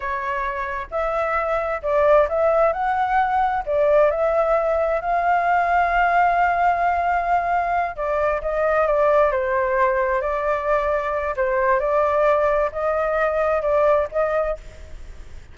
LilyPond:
\new Staff \with { instrumentName = "flute" } { \time 4/4 \tempo 4 = 132 cis''2 e''2 | d''4 e''4 fis''2 | d''4 e''2 f''4~ | f''1~ |
f''4. d''4 dis''4 d''8~ | d''8 c''2 d''4.~ | d''4 c''4 d''2 | dis''2 d''4 dis''4 | }